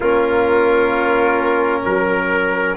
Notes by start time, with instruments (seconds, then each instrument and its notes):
0.00 tuba A#3, trombone C#4, trumpet F4, violin A#4
1.85 tuba F#3, trumpet A#4